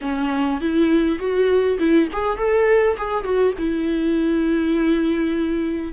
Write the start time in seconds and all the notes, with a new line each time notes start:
0.01 C#4
0.60 E4
1.18 F#4
1.78 E4
2.12 G#4
2.37 A4
2.97 G#4
3.24 F#4
3.58 E4